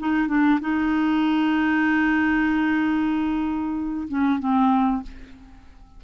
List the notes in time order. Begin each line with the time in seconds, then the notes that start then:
0.00 D#4
0.28 D4
0.61 D#4
4.09 C#4
4.40 C4